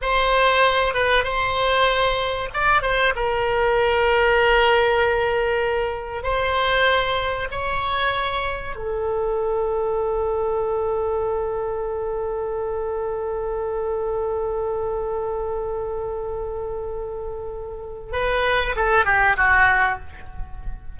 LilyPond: \new Staff \with { instrumentName = "oboe" } { \time 4/4 \tempo 4 = 96 c''4. b'8 c''2 | d''8 c''8 ais'2.~ | ais'2 c''2 | cis''2 a'2~ |
a'1~ | a'1~ | a'1~ | a'4 b'4 a'8 g'8 fis'4 | }